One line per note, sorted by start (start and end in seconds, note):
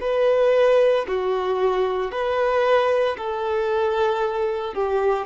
0.00 1.05 B4
1.07 2.11 F#4
2.11 3.16 B4
3.17 4.74 A4
4.74 5.26 G4